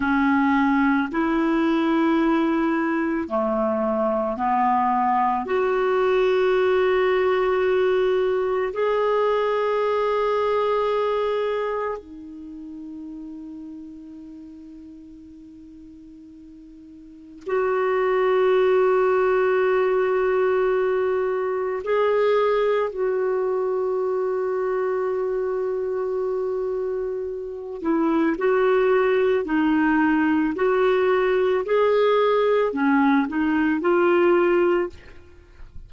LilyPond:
\new Staff \with { instrumentName = "clarinet" } { \time 4/4 \tempo 4 = 55 cis'4 e'2 a4 | b4 fis'2. | gis'2. dis'4~ | dis'1 |
fis'1 | gis'4 fis'2.~ | fis'4. e'8 fis'4 dis'4 | fis'4 gis'4 cis'8 dis'8 f'4 | }